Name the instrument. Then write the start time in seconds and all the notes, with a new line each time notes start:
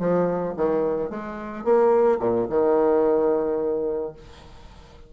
bassoon
0.00 F3
0.57 D#3
1.10 G#3
1.65 A#3
2.20 A#2
2.50 D#3